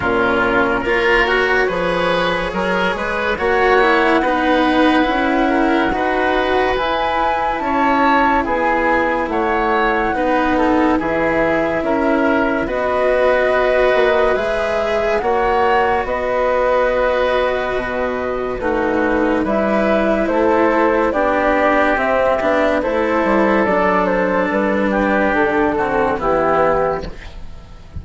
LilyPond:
<<
  \new Staff \with { instrumentName = "flute" } { \time 4/4 \tempo 4 = 71 ais'4 cis''2. | fis''1 | gis''4 a''4 gis''4 fis''4~ | fis''4 e''2 dis''4~ |
dis''4 e''4 fis''4 dis''4~ | dis''2 b'4 e''4 | c''4 d''4 e''4 c''4 | d''8 c''8 b'4 a'4 g'4 | }
  \new Staff \with { instrumentName = "oboe" } { \time 4/4 f'4 ais'4 b'4 ais'8 b'8 | cis''4 b'4. ais'8 b'4~ | b'4 cis''4 gis'4 cis''4 | b'8 a'8 gis'4 ais'4 b'4~ |
b'2 cis''4 b'4~ | b'2 fis'4 b'4 | a'4 g'2 a'4~ | a'4. g'4 fis'8 e'4 | }
  \new Staff \with { instrumentName = "cello" } { \time 4/4 cis'4 f'8 fis'8 gis'2 | fis'8 e'8 dis'4 e'4 fis'4 | e'1 | dis'4 e'2 fis'4~ |
fis'4 gis'4 fis'2~ | fis'2 dis'4 e'4~ | e'4 d'4 c'8 d'8 e'4 | d'2~ d'8 c'8 b4 | }
  \new Staff \with { instrumentName = "bassoon" } { \time 4/4 ais,4 ais4 f4 fis8 gis8 | ais4 b4 cis'4 dis'4 | e'4 cis'4 b4 a4 | b4 e4 cis'4 b4~ |
b8 ais8 gis4 ais4 b4~ | b4 b,4 a4 g4 | a4 b4 c'8 b8 a8 g8 | fis4 g4 d4 e4 | }
>>